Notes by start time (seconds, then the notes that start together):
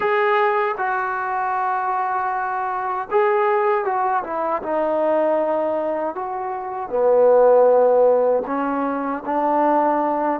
0.00 G#4
0.77 F#4
3.10 G#4
3.84 F#4
4.23 E4
4.62 D#4
6.15 F#4
6.89 B3
8.46 C#4
9.25 D4